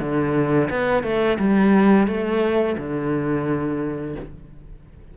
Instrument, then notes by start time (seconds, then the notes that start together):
cello
0.00 D3
0.70 B3
1.03 A3
1.39 G3
2.07 A3
2.78 D3